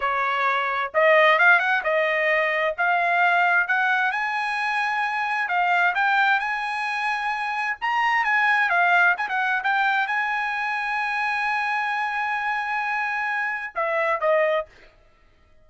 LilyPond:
\new Staff \with { instrumentName = "trumpet" } { \time 4/4 \tempo 4 = 131 cis''2 dis''4 f''8 fis''8 | dis''2 f''2 | fis''4 gis''2. | f''4 g''4 gis''2~ |
gis''4 ais''4 gis''4 f''4 | gis''16 fis''8. g''4 gis''2~ | gis''1~ | gis''2 e''4 dis''4 | }